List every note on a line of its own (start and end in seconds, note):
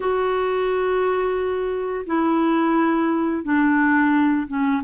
0.00 2.05 F#4
2.06 3.43 E4
3.43 4.47 D4
4.47 4.82 C#4